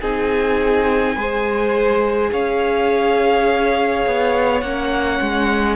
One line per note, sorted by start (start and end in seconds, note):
0.00 1.15 C4
0.00 1.16 D#4
0.00 1.15 G#4
0.00 2.32 G#5
1.15 2.31 G#3
1.15 4.62 G#4
1.15 2.30 C5
2.31 4.05 C#4
2.31 5.75 C#5
2.31 4.60 F5
4.06 4.62 B3
4.60 5.19 A#3
4.60 5.75 C#4
4.60 5.75 F#5
5.20 5.75 G#3